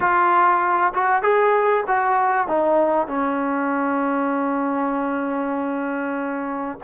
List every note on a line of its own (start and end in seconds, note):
0.00 0.93 F4
0.94 1.22 F#4
1.22 1.84 G#4
1.87 2.47 F#4
2.47 3.07 D#4
3.07 6.78 C#4